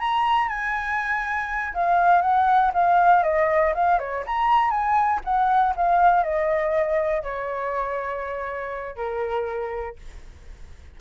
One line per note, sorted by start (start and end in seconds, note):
0.00 0.49 A#5
0.49 1.74 G#5
1.74 2.22 F5
2.22 2.72 F#5
2.74 3.24 F5
3.24 3.74 D#5
3.75 3.99 F5
3.99 4.24 C#5
4.27 4.71 A#5
4.71 5.21 G#5
5.25 5.75 F#5
5.76 6.24 F5
6.24 7.23 D#5
7.23 8.96 C#5
8.96 9.96 A#4